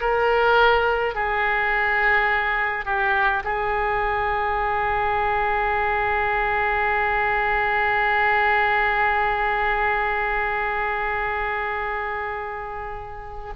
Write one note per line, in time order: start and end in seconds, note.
0.00 1.14 A#4
1.14 2.85 G#4
2.85 3.42 G4
3.44 13.53 G#4